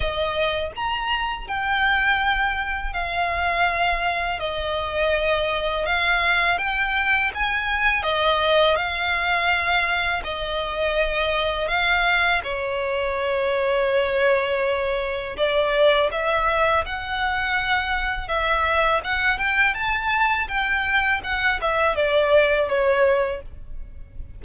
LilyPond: \new Staff \with { instrumentName = "violin" } { \time 4/4 \tempo 4 = 82 dis''4 ais''4 g''2 | f''2 dis''2 | f''4 g''4 gis''4 dis''4 | f''2 dis''2 |
f''4 cis''2.~ | cis''4 d''4 e''4 fis''4~ | fis''4 e''4 fis''8 g''8 a''4 | g''4 fis''8 e''8 d''4 cis''4 | }